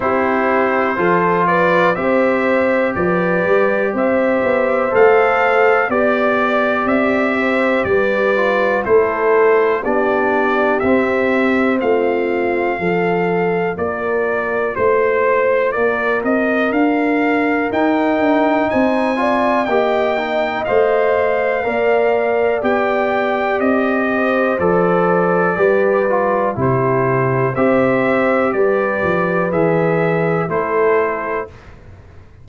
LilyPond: <<
  \new Staff \with { instrumentName = "trumpet" } { \time 4/4 \tempo 4 = 61 c''4. d''8 e''4 d''4 | e''4 f''4 d''4 e''4 | d''4 c''4 d''4 e''4 | f''2 d''4 c''4 |
d''8 dis''8 f''4 g''4 gis''4 | g''4 f''2 g''4 | dis''4 d''2 c''4 | e''4 d''4 e''4 c''4 | }
  \new Staff \with { instrumentName = "horn" } { \time 4/4 g'4 a'8 b'8 c''4 b'4 | c''2 d''4. c''8 | b'4 a'4 g'2 | f'4 a'4 ais'4 c''4 |
ais'2. c''8 d''8 | dis''2 d''2~ | d''8 c''4. b'4 g'4 | c''4 b'2 a'4 | }
  \new Staff \with { instrumentName = "trombone" } { \time 4/4 e'4 f'4 g'2~ | g'4 a'4 g'2~ | g'8 f'8 e'4 d'4 c'4~ | c'4 f'2.~ |
f'2 dis'4. f'8 | g'8 dis'8 c''4 ais'4 g'4~ | g'4 a'4 g'8 f'8 e'4 | g'2 gis'4 e'4 | }
  \new Staff \with { instrumentName = "tuba" } { \time 4/4 c'4 f4 c'4 f8 g8 | c'8 b8 a4 b4 c'4 | g4 a4 b4 c'4 | a4 f4 ais4 a4 |
ais8 c'8 d'4 dis'8 d'8 c'4 | ais4 a4 ais4 b4 | c'4 f4 g4 c4 | c'4 g8 f8 e4 a4 | }
>>